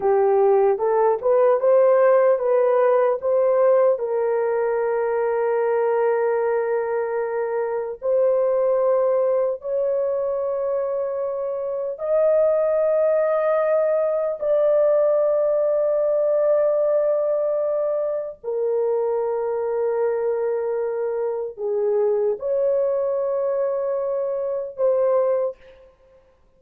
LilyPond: \new Staff \with { instrumentName = "horn" } { \time 4/4 \tempo 4 = 75 g'4 a'8 b'8 c''4 b'4 | c''4 ais'2.~ | ais'2 c''2 | cis''2. dis''4~ |
dis''2 d''2~ | d''2. ais'4~ | ais'2. gis'4 | cis''2. c''4 | }